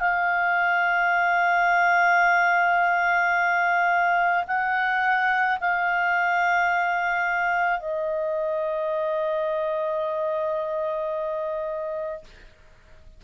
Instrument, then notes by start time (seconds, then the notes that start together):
clarinet
0.00 F5
4.47 F#5
5.61 F5
7.80 D#5